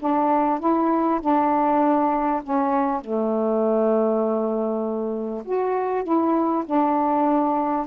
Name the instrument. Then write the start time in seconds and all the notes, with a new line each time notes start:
saxophone
0.00 D4
0.60 E4
1.21 D4
2.44 C#4
3.02 A3
5.45 F#4
6.04 E4
6.66 D4